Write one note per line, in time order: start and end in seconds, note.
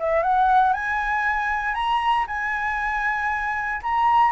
0.00 0.23 E5
0.23 0.73 F#5
0.73 1.75 G#5
1.75 2.26 A#5
2.28 3.81 G#5
3.83 4.32 A#5